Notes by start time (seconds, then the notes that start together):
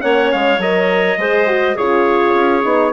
0.00 A#3 C#4 C#5 F#5
0.31 G#3 F5
0.58 F#3 A#4 D#5
1.17 G#3 G#4 C5
1.47 F#4
1.75 C#3 F4 G#4 C#5
2.34 C#4
2.63 B3 D#4